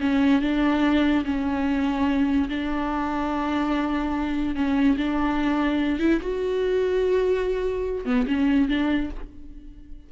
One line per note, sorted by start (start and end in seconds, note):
0.00 0.41 C#4
0.41 1.24 D4
1.25 2.49 C#4
2.49 4.55 D4
4.55 4.97 C#4
4.97 5.99 D4
5.99 6.20 E4
6.21 8.05 F#4
8.05 8.26 B3
8.27 8.68 C#4
8.68 9.10 D4